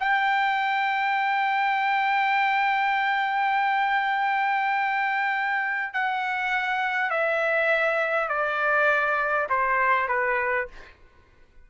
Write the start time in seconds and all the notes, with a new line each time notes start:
0.00 G5
5.94 F#5
7.10 E5
8.29 D5
9.50 C5
10.08 B4